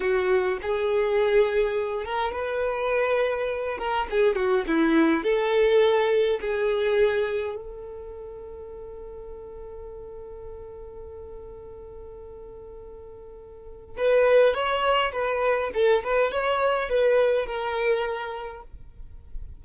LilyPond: \new Staff \with { instrumentName = "violin" } { \time 4/4 \tempo 4 = 103 fis'4 gis'2~ gis'8 ais'8 | b'2~ b'8 ais'8 gis'8 fis'8 | e'4 a'2 gis'4~ | gis'4 a'2.~ |
a'1~ | a'1 | b'4 cis''4 b'4 a'8 b'8 | cis''4 b'4 ais'2 | }